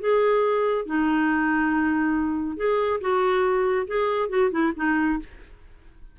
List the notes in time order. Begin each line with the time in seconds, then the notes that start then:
0.00 G#4
0.86 D#4
2.57 G#4
3.01 F#4
3.87 G#4
4.29 F#4
4.51 E4
4.76 D#4